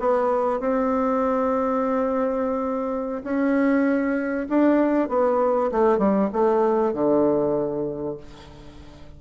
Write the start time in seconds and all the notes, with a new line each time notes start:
0.00 B3
0.60 C4
3.24 C#4
4.50 D4
5.09 B3
5.72 A3
5.99 G3
6.33 A3
6.94 D3